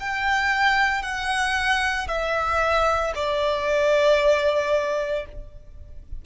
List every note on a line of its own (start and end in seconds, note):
0.00 1.02 G5
1.02 2.08 F#5
2.08 3.13 E5
3.15 5.25 D5